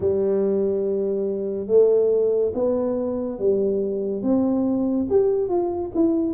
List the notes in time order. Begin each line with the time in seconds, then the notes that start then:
0.00 G3
1.67 A3
2.54 B3
3.38 G3
4.22 C4
5.09 G4
5.49 F4
5.95 E4